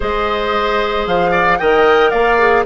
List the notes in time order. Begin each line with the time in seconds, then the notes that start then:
0.00 G#3 G#4 C5 D#5
1.06 F3 F5
1.31 D5
1.58 D#3 A#4 D#5 G5
2.10 A#3 D5 F5
2.38 G#4